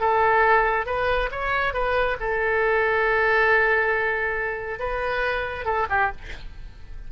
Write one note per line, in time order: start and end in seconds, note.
0.00 0.86 A4
0.86 1.29 B4
1.31 1.74 C#5
1.74 2.17 B4
2.20 4.79 A4
4.79 5.65 B4
5.65 5.87 A4
5.90 6.11 G4